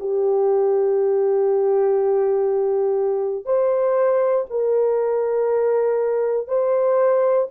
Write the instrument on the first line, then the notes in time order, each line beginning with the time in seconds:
horn
0.00 G4
3.45 C5
4.50 A#4
6.48 C5